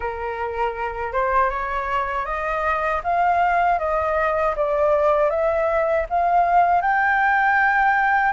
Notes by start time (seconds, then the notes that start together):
0.00 A#4
1.12 C5
1.49 C#5
2.25 D#5
3.03 F5
3.78 D#5
4.56 D5
5.30 E5
6.09 F5
6.81 G5